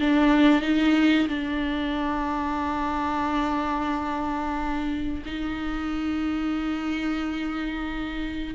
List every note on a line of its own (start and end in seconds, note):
0.00 0.62 D4
0.62 1.28 D#4
1.28 5.24 D4
5.26 8.55 D#4